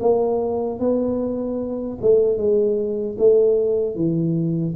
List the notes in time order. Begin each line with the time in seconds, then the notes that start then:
0.00 A#3
0.79 B3
2.01 A3
2.37 G#3
3.18 A3
3.95 E3